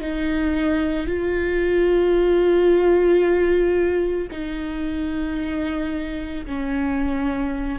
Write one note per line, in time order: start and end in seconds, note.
0.00 1.06 D#4
1.06 4.28 F4
4.31 6.45 D#4
6.46 7.78 C#4